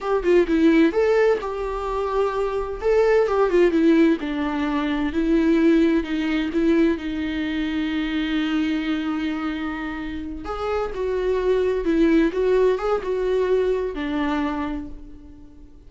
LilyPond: \new Staff \with { instrumentName = "viola" } { \time 4/4 \tempo 4 = 129 g'8 f'8 e'4 a'4 g'4~ | g'2 a'4 g'8 f'8 | e'4 d'2 e'4~ | e'4 dis'4 e'4 dis'4~ |
dis'1~ | dis'2~ dis'8 gis'4 fis'8~ | fis'4. e'4 fis'4 gis'8 | fis'2 d'2 | }